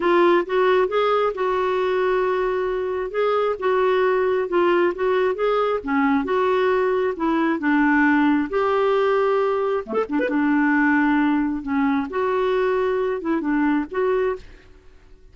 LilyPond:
\new Staff \with { instrumentName = "clarinet" } { \time 4/4 \tempo 4 = 134 f'4 fis'4 gis'4 fis'4~ | fis'2. gis'4 | fis'2 f'4 fis'4 | gis'4 cis'4 fis'2 |
e'4 d'2 g'4~ | g'2 a16 a'16 d'16 b'16 d'4~ | d'2 cis'4 fis'4~ | fis'4. e'8 d'4 fis'4 | }